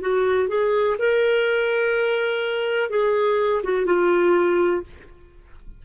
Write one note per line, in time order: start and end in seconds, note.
0.00 0.48 F#4
0.48 0.96 G#4
0.98 2.89 A#4
2.89 3.62 G#4
3.63 3.86 F#4
3.86 4.83 F4